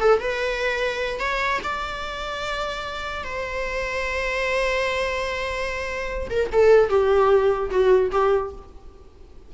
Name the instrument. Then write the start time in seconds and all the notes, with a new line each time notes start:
viola
0.00 A4
0.20 B4
1.19 C#5
1.63 D5
3.24 C5
6.30 A#4
6.52 A4
6.89 G4
7.70 F#4
8.11 G4